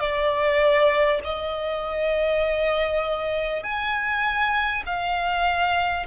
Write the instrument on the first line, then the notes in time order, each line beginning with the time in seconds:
violin
0.00 D5
1.24 D#5
3.63 G#5
4.86 F5